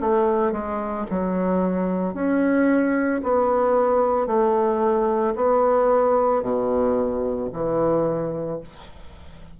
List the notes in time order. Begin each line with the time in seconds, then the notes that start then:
0.00 A3
0.52 G#3
1.10 F#3
2.14 C#4
3.23 B3
4.27 A3
5.35 B3
6.42 B2
7.52 E3